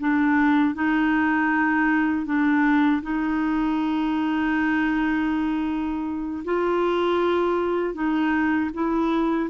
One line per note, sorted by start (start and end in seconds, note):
0.00 0.75 D4
0.75 2.26 D#4
2.26 3.02 D4
3.02 6.44 D#4
6.45 7.94 F4
7.94 8.70 D#4
8.74 9.50 E4